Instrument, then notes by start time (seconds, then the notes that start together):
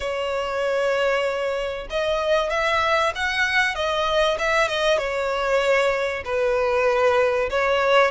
violin
0.00 C#5
1.89 D#5
2.50 E5
3.15 F#5
3.75 D#5
4.38 E5
4.68 D#5
4.98 C#5
6.24 B4
7.49 C#5